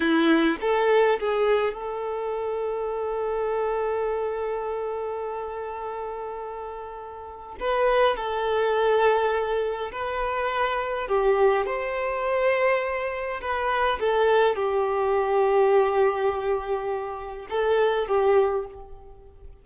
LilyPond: \new Staff \with { instrumentName = "violin" } { \time 4/4 \tempo 4 = 103 e'4 a'4 gis'4 a'4~ | a'1~ | a'1~ | a'4 b'4 a'2~ |
a'4 b'2 g'4 | c''2. b'4 | a'4 g'2.~ | g'2 a'4 g'4 | }